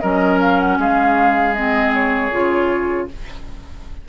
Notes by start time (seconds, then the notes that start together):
0.00 F#3 C#4 A#4 D#5
0.41 F5
0.60 F#5
0.78 G#3 G#4 F5
1.54 C4 D#5
1.94 C#5
2.31 C#3 F4